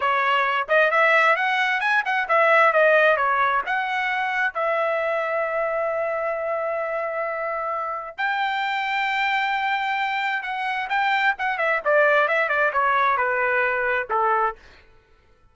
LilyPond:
\new Staff \with { instrumentName = "trumpet" } { \time 4/4 \tempo 4 = 132 cis''4. dis''8 e''4 fis''4 | gis''8 fis''8 e''4 dis''4 cis''4 | fis''2 e''2~ | e''1~ |
e''2 g''2~ | g''2. fis''4 | g''4 fis''8 e''8 d''4 e''8 d''8 | cis''4 b'2 a'4 | }